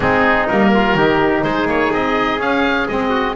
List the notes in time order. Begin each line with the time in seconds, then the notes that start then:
0.00 G#3 C4 D#4 G#4
0.47 G3 A#3 A#4
0.74 F4
0.94 D#3 D#4 G4
1.43 G#3 G#4 C5
1.65 A#3 C#5
1.91 C4 D#5
2.39 C#4 F5
2.88 G#3 C4 D#5
3.09 F#4